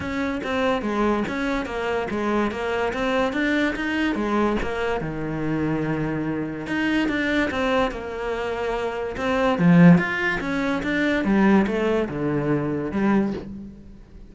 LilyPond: \new Staff \with { instrumentName = "cello" } { \time 4/4 \tempo 4 = 144 cis'4 c'4 gis4 cis'4 | ais4 gis4 ais4 c'4 | d'4 dis'4 gis4 ais4 | dis1 |
dis'4 d'4 c'4 ais4~ | ais2 c'4 f4 | f'4 cis'4 d'4 g4 | a4 d2 g4 | }